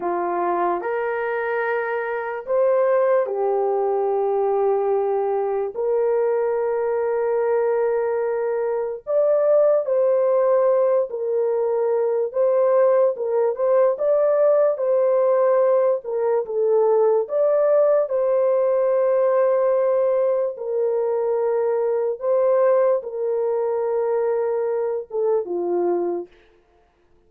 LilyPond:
\new Staff \with { instrumentName = "horn" } { \time 4/4 \tempo 4 = 73 f'4 ais'2 c''4 | g'2. ais'4~ | ais'2. d''4 | c''4. ais'4. c''4 |
ais'8 c''8 d''4 c''4. ais'8 | a'4 d''4 c''2~ | c''4 ais'2 c''4 | ais'2~ ais'8 a'8 f'4 | }